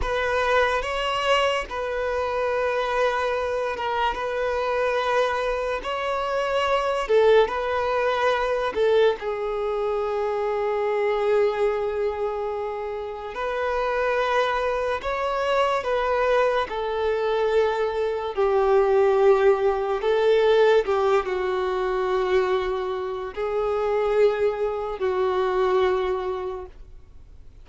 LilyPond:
\new Staff \with { instrumentName = "violin" } { \time 4/4 \tempo 4 = 72 b'4 cis''4 b'2~ | b'8 ais'8 b'2 cis''4~ | cis''8 a'8 b'4. a'8 gis'4~ | gis'1 |
b'2 cis''4 b'4 | a'2 g'2 | a'4 g'8 fis'2~ fis'8 | gis'2 fis'2 | }